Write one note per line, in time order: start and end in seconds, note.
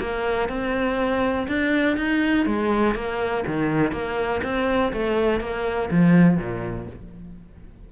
0.00 0.49 A#3
0.49 1.47 C4
1.47 1.96 D4
1.97 2.46 D#4
2.46 2.95 G#3
2.95 3.44 A#3
3.47 3.92 D#3
3.92 4.41 A#3
4.43 4.92 C4
4.93 5.40 A3
5.40 5.89 A#3
5.91 6.38 F3
6.38 6.87 A#2